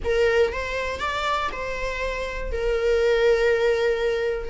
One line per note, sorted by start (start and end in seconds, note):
0.04 0.52 A#4
0.52 0.99 C5
0.99 1.49 D5
1.52 2.52 C5
2.52 4.49 A#4